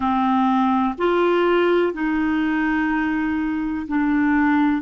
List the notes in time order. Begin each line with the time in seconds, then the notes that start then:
0.00 C4
0.98 F4
1.93 D#4
3.87 D4